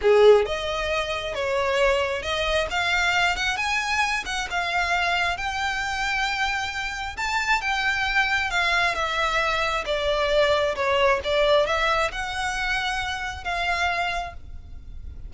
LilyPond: \new Staff \with { instrumentName = "violin" } { \time 4/4 \tempo 4 = 134 gis'4 dis''2 cis''4~ | cis''4 dis''4 f''4. fis''8 | gis''4. fis''8 f''2 | g''1 |
a''4 g''2 f''4 | e''2 d''2 | cis''4 d''4 e''4 fis''4~ | fis''2 f''2 | }